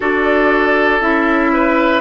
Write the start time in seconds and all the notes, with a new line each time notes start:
0.00 D4 F#4 A4 D5
1.00 C#4 E4 E5
1.53 B4